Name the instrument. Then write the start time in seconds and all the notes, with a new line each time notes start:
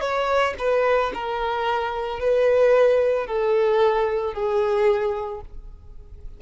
violin
0.00 C#5
0.58 B4
1.13 A#4
2.19 B4
3.26 A4
4.33 G#4